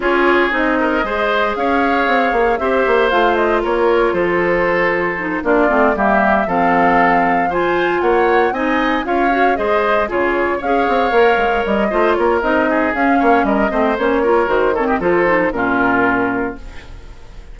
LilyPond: <<
  \new Staff \with { instrumentName = "flute" } { \time 4/4 \tempo 4 = 116 cis''4 dis''2 f''4~ | f''4 e''4 f''8 dis''8 cis''4 | c''2~ c''8 d''4 e''8~ | e''8 f''2 gis''4 fis''8~ |
fis''8 gis''4 f''4 dis''4 cis''8~ | cis''8 f''2 dis''4 cis''8 | dis''4 f''4 dis''4 cis''4 | c''8 cis''16 dis''16 c''4 ais'2 | }
  \new Staff \with { instrumentName = "oboe" } { \time 4/4 gis'4. ais'8 c''4 cis''4~ | cis''4 c''2 ais'4 | a'2~ a'8 f'4 g'8~ | g'8 a'2 c''4 cis''8~ |
cis''8 dis''4 cis''4 c''4 gis'8~ | gis'8 cis''2~ cis''8 c''8 ais'8~ | ais'8 gis'4 cis''8 ais'8 c''4 ais'8~ | ais'8 a'16 g'16 a'4 f'2 | }
  \new Staff \with { instrumentName = "clarinet" } { \time 4/4 f'4 dis'4 gis'2~ | gis'4 g'4 f'2~ | f'2 dis'8 d'8 c'8 ais8~ | ais8 c'2 f'4.~ |
f'8 dis'4 f'8 fis'8 gis'4 f'8~ | f'8 gis'4 ais'4. f'4 | dis'4 cis'4. c'8 cis'8 f'8 | fis'8 c'8 f'8 dis'8 cis'2 | }
  \new Staff \with { instrumentName = "bassoon" } { \time 4/4 cis'4 c'4 gis4 cis'4 | c'8 ais8 c'8 ais8 a4 ais4 | f2~ f8 ais8 a8 g8~ | g8 f2. ais8~ |
ais8 c'4 cis'4 gis4 cis8~ | cis8 cis'8 c'8 ais8 gis8 g8 a8 ais8 | c'4 cis'8 ais8 g8 a8 ais4 | dis4 f4 ais,2 | }
>>